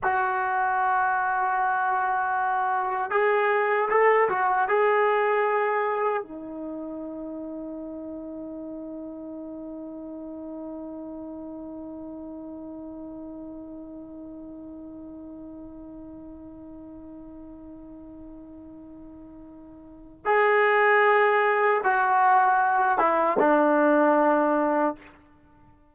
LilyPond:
\new Staff \with { instrumentName = "trombone" } { \time 4/4 \tempo 4 = 77 fis'1 | gis'4 a'8 fis'8 gis'2 | dis'1~ | dis'1~ |
dis'1~ | dis'1~ | dis'2 gis'2 | fis'4. e'8 d'2 | }